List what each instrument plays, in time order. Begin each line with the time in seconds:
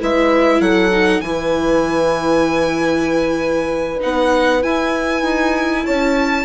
0.00 bassoon G#3, viola E4, horn B4, violin E5
0.61 bassoon F#3, horn A4, violin F#5
0.92 viola D#4
1.21 bassoon E3, viola E4, horn B4, violin G#5
4.01 bassoon B3, viola D#4, violin F#5
4.63 viola E4, bassoon E4, violin G#5
5.23 bassoon D#4
5.85 bassoon C#4, horn C#5, violin A5